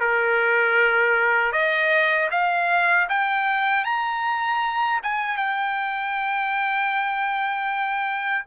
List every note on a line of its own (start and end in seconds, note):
0.00 1.52 A#4
1.52 2.29 D#5
2.31 3.08 F5
3.09 3.85 G5
3.85 5.00 A#5
5.03 5.37 G#5
5.37 8.45 G5